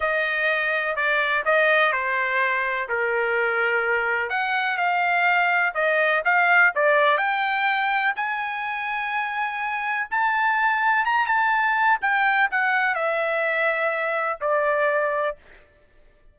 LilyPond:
\new Staff \with { instrumentName = "trumpet" } { \time 4/4 \tempo 4 = 125 dis''2 d''4 dis''4 | c''2 ais'2~ | ais'4 fis''4 f''2 | dis''4 f''4 d''4 g''4~ |
g''4 gis''2.~ | gis''4 a''2 ais''8 a''8~ | a''4 g''4 fis''4 e''4~ | e''2 d''2 | }